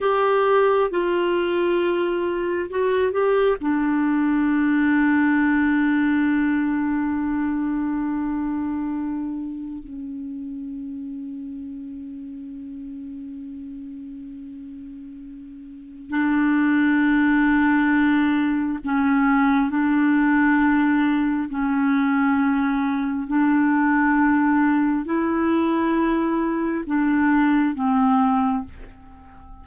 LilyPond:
\new Staff \with { instrumentName = "clarinet" } { \time 4/4 \tempo 4 = 67 g'4 f'2 fis'8 g'8 | d'1~ | d'2. cis'4~ | cis'1~ |
cis'2 d'2~ | d'4 cis'4 d'2 | cis'2 d'2 | e'2 d'4 c'4 | }